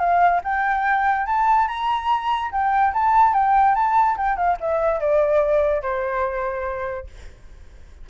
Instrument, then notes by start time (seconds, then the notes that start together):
flute
0.00 F5
0.45 G5
1.27 A5
1.68 A#5
2.52 G5
2.94 A5
3.34 G5
3.76 A5
4.17 G5
4.37 F5
4.61 E5
5.01 D5
5.83 C5